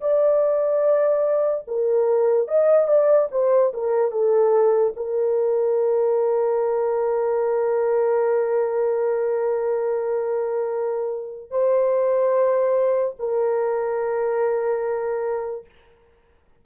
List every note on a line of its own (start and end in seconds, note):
0.00 1.64 D5
1.67 2.47 A#4
2.47 2.87 D#5
2.87 3.28 D5
3.31 3.72 C5
3.73 4.11 A#4
4.11 4.93 A4
4.96 11.50 A#4
11.50 13.15 C5
13.19 15.65 A#4